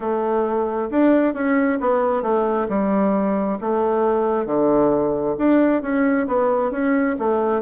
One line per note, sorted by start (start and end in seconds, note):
0.00 0.89 A3
0.90 1.34 D4
1.34 1.79 C#4
1.80 2.22 B3
2.22 2.67 A3
2.69 3.58 G3
3.60 4.45 A3
4.45 5.35 D3
5.37 5.82 D4
5.82 6.26 C#4
6.27 6.71 B3
6.71 7.16 C#4
7.18 7.61 A3